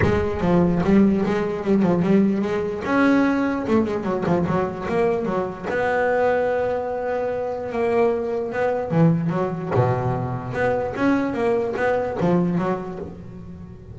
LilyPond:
\new Staff \with { instrumentName = "double bass" } { \time 4/4 \tempo 4 = 148 gis4 f4 g4 gis4 | g8 f8 g4 gis4 cis'4~ | cis'4 a8 gis8 fis8 f8 fis4 | ais4 fis4 b2~ |
b2. ais4~ | ais4 b4 e4 fis4 | b,2 b4 cis'4 | ais4 b4 f4 fis4 | }